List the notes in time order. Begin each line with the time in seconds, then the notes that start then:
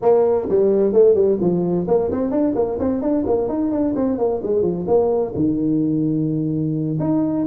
0.02 A#3
0.49 G3
0.93 A3
1.15 G3
1.40 F3
1.87 A#3
2.11 C4
2.30 D4
2.55 A#3
2.79 C4
3.01 D4
3.26 A#3
3.48 D#4
3.71 D4
3.95 C4
4.17 A#3
4.42 G#3
4.62 F3
4.87 A#3
5.35 D#3
6.99 D#4